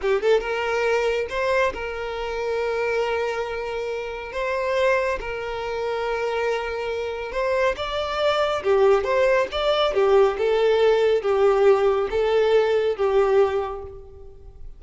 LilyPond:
\new Staff \with { instrumentName = "violin" } { \time 4/4 \tempo 4 = 139 g'8 a'8 ais'2 c''4 | ais'1~ | ais'2 c''2 | ais'1~ |
ais'4 c''4 d''2 | g'4 c''4 d''4 g'4 | a'2 g'2 | a'2 g'2 | }